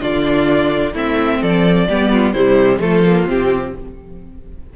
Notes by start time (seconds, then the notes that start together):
0.00 D3 D4 F4 D5
0.93 A3 C4 E4 E5
1.41 F3 A4 D5
1.88 G3 B3 G4
2.12 F4
2.32 C3 G3 E4 C5
2.79 F3 A3 F4 A4
3.05 A#3
3.26 C3 C4 G4